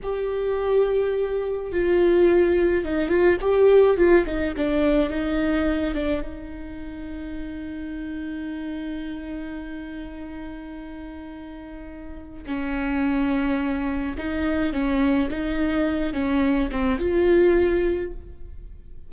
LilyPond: \new Staff \with { instrumentName = "viola" } { \time 4/4 \tempo 4 = 106 g'2. f'4~ | f'4 dis'8 f'8 g'4 f'8 dis'8 | d'4 dis'4. d'8 dis'4~ | dis'1~ |
dis'1~ | dis'2 cis'2~ | cis'4 dis'4 cis'4 dis'4~ | dis'8 cis'4 c'8 f'2 | }